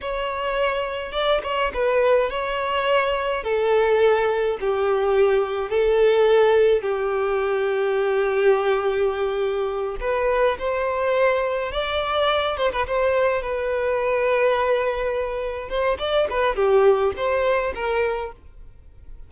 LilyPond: \new Staff \with { instrumentName = "violin" } { \time 4/4 \tempo 4 = 105 cis''2 d''8 cis''8 b'4 | cis''2 a'2 | g'2 a'2 | g'1~ |
g'4. b'4 c''4.~ | c''8 d''4. c''16 b'16 c''4 b'8~ | b'2.~ b'8 c''8 | d''8 b'8 g'4 c''4 ais'4 | }